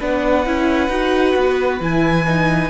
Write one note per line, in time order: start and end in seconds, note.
0.00 0.46 B3
0.00 0.46 D4
0.00 2.71 B4
0.00 1.83 F#5
0.46 0.89 C#4
0.46 0.90 E4
0.89 1.34 D#4
0.89 1.81 F#4
1.37 1.81 B3
1.81 2.71 E3
1.81 2.27 E4
1.81 2.71 G#5
2.27 2.71 D#4